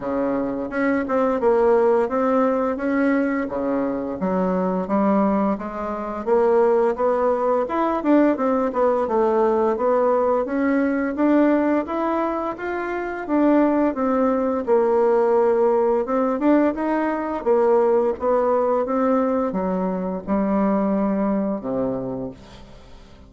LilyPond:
\new Staff \with { instrumentName = "bassoon" } { \time 4/4 \tempo 4 = 86 cis4 cis'8 c'8 ais4 c'4 | cis'4 cis4 fis4 g4 | gis4 ais4 b4 e'8 d'8 | c'8 b8 a4 b4 cis'4 |
d'4 e'4 f'4 d'4 | c'4 ais2 c'8 d'8 | dis'4 ais4 b4 c'4 | fis4 g2 c4 | }